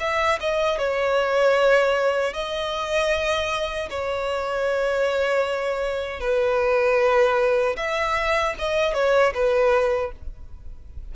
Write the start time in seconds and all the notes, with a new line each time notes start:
0.00 E5
0.40 D#5
0.78 C#5
2.34 D#5
3.90 C#5
6.20 B4
7.77 E5
8.59 D#5
8.94 C#5
9.34 B4